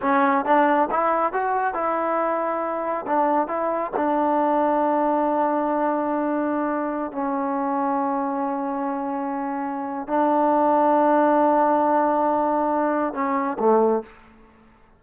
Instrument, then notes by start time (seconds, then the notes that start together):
trombone
0.01 C#4
0.45 D4
0.90 E4
1.32 F#4
1.74 E4
3.06 D4
3.47 E4
3.96 D4
7.11 C#4
10.07 D4
13.13 C#4
13.59 A3